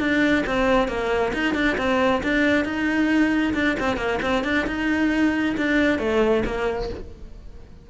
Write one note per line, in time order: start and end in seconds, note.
0.00 0.44 D4
0.47 0.88 C4
0.88 1.33 A#3
1.34 1.55 D#4
1.55 1.77 D4
1.78 2.22 C4
2.24 2.65 D4
2.65 3.54 D#4
3.55 3.77 D4
3.80 3.97 C4
3.97 4.20 A#3
4.22 4.45 C4
4.45 4.67 D4
4.67 5.56 D#4
5.58 5.99 D4
5.99 6.44 A3
6.46 6.90 A#3